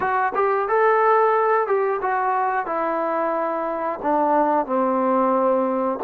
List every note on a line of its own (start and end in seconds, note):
0.00 0.32 F#4
0.35 0.68 G4
0.68 1.67 A4
1.67 2.00 G4
2.01 2.66 F#4
2.66 3.99 E4
4.02 4.65 D4
4.65 5.99 C4